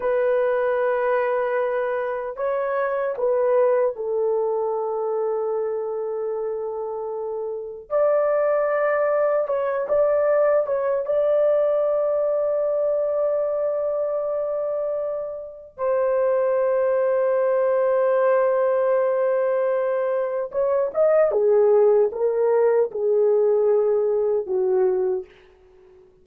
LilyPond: \new Staff \with { instrumentName = "horn" } { \time 4/4 \tempo 4 = 76 b'2. cis''4 | b'4 a'2.~ | a'2 d''2 | cis''8 d''4 cis''8 d''2~ |
d''1 | c''1~ | c''2 cis''8 dis''8 gis'4 | ais'4 gis'2 fis'4 | }